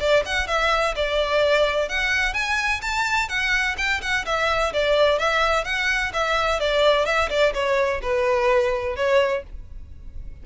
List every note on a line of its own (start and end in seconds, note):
0.00 0.24 D5
0.26 0.47 F#5
0.47 0.95 E5
0.96 1.89 D5
1.89 2.34 F#5
2.34 2.81 G#5
2.82 3.29 A5
3.29 3.76 F#5
3.78 4.01 G5
4.02 4.25 F#5
4.25 4.73 E5
4.73 5.19 D5
5.19 5.65 E5
5.65 6.12 F#5
6.13 6.60 E5
6.60 7.06 D5
7.06 7.29 E5
7.29 7.53 D5
7.54 8.01 C#5
8.02 8.96 B4
8.96 9.43 C#5